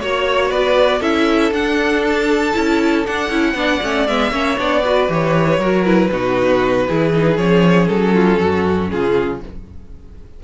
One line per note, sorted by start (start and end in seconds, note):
0.00 0.50 A#3
0.00 1.01 F#4
0.00 0.51 C#5
0.00 0.49 C#5
0.49 1.00 B3
0.49 0.99 B4
0.49 1.01 D5
0.99 1.51 C#4
0.99 1.52 E4
0.99 3.53 A4
0.99 1.52 E5
1.51 2.53 D4
1.51 2.04 F#5
2.06 3.06 A5
2.53 3.07 C#4
2.53 3.04 E4
3.06 3.30 D4
3.06 3.29 D4
3.06 4.07 F#5
3.29 3.54 C#4
3.29 3.55 E4
3.54 3.79 B3
3.54 3.81 D4
3.54 4.31 D5
3.82 4.08 A3
3.82 4.07 C#4
4.07 4.31 G#3
4.07 4.31 B3
4.07 4.58 E5
4.31 4.56 A#3
4.31 4.57 C#4
4.31 4.82 C#5
4.57 5.08 B3
4.57 4.82 D4
4.57 5.11 D5
4.84 5.08 F#4
4.84 5.59 B4
5.08 5.58 E3
5.08 5.59 G4
5.08 5.84 C#5
5.58 6.09 F#3
5.58 5.85 F#4
5.58 6.10 A#4
5.84 6.10 E4
5.84 7.37 B4
6.11 6.88 B2
6.11 6.87 D#4
6.11 6.87 F#4
6.87 7.37 E3
6.87 7.13 E4
6.87 8.14 G#4
7.13 7.38 D#4
7.37 7.88 F3
7.37 9.42 C#4
7.37 7.87 C#5
7.87 8.40 F#3
7.87 8.89 A4
8.14 8.39 F4
8.40 8.92 F#2
8.40 8.91 F#4
8.90 9.43 C#3
8.90 9.42 F4
8.90 9.41 G#4